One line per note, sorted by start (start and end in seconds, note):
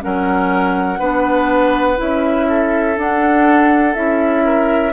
0.00 1.00 F#3
0.00 0.98 C#4
0.00 0.99 A#4
0.00 2.00 F#5
0.99 1.98 B3
0.99 1.97 D4
0.99 2.47 B4
1.97 2.98 C#4
1.97 2.95 E4
1.97 2.99 E5
2.49 4.45 A4
2.98 3.96 D4
2.98 3.95 D4
2.98 3.95 F#5
3.95 4.93 C#4
3.95 4.93 E4
3.95 4.93 E5
4.45 4.93 A#4